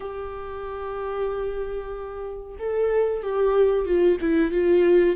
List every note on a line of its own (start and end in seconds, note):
0.00 2.57 G4
2.59 3.22 A4
3.22 3.85 G4
3.85 4.18 F4
4.20 4.51 E4
4.51 5.16 F4